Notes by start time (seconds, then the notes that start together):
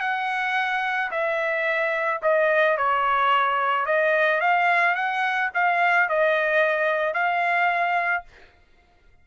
0.00 F#5
1.10 E5
2.22 D#5
2.77 C#5
3.85 D#5
4.40 F5
4.94 F#5
5.54 F5
6.09 D#5
7.14 F5